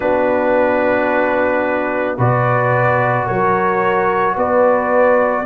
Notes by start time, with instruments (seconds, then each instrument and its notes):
0.00 tuba B3, trombone D4, horn F#4, trumpet B4
2.16 tuba B2, trombone F#4, horn B4, trumpet D5
3.25 tuba F#3, horn A#4, trumpet C#5
4.35 tuba B3, horn B4, trumpet D5